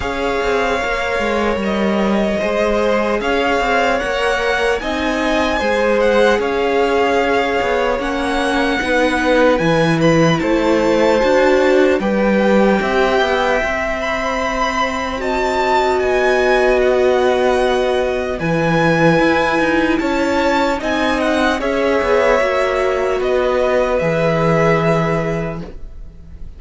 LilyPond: <<
  \new Staff \with { instrumentName = "violin" } { \time 4/4 \tempo 4 = 75 f''2 dis''2 | f''4 fis''4 gis''4. fis''8 | f''2 fis''2 | gis''8 b''8 a''2 g''4~ |
g''4. b''4. a''4 | gis''4 fis''2 gis''4~ | gis''4 a''4 gis''8 fis''8 e''4~ | e''4 dis''4 e''2 | }
  \new Staff \with { instrumentName = "violin" } { \time 4/4 cis''2. c''4 | cis''2 dis''4 c''4 | cis''2. b'4~ | b'4 c''2 b'4 |
e''2. dis''4~ | dis''2. b'4~ | b'4 cis''4 dis''4 cis''4~ | cis''4 b'2. | }
  \new Staff \with { instrumentName = "viola" } { \time 4/4 gis'4 ais'2 gis'4~ | gis'4 ais'4 dis'4 gis'4~ | gis'2 cis'4 dis'4 | e'2 fis'4 g'4~ |
g'4 c''2 fis'4~ | fis'2. e'4~ | e'2 dis'4 gis'4 | fis'2 gis'2 | }
  \new Staff \with { instrumentName = "cello" } { \time 4/4 cis'8 c'8 ais8 gis8 g4 gis4 | cis'8 c'8 ais4 c'4 gis4 | cis'4. b8 ais4 b4 | e4 a4 d'4 g4 |
c'8 b8 c'2. | b2. e4 | e'8 dis'8 cis'4 c'4 cis'8 b8 | ais4 b4 e2 | }
>>